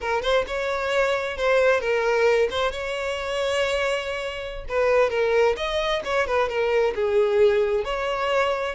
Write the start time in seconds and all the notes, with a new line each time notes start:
0.00 A#4
0.22 C5
0.47 C#5
1.37 C5
1.80 A#4
2.50 C5
2.71 C#5
4.68 B4
5.10 A#4
5.56 D#5
6.04 C#5
6.26 B4
6.48 A#4
6.95 G#4
7.84 C#5